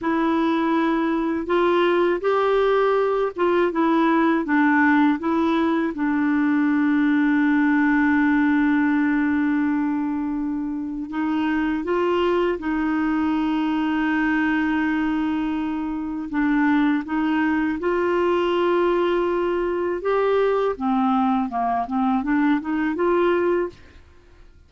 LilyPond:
\new Staff \with { instrumentName = "clarinet" } { \time 4/4 \tempo 4 = 81 e'2 f'4 g'4~ | g'8 f'8 e'4 d'4 e'4 | d'1~ | d'2. dis'4 |
f'4 dis'2.~ | dis'2 d'4 dis'4 | f'2. g'4 | c'4 ais8 c'8 d'8 dis'8 f'4 | }